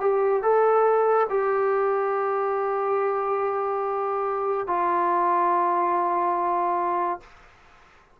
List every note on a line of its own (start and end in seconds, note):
0.00 0.42 G4
0.43 1.27 A4
1.29 4.67 G4
4.67 7.20 F4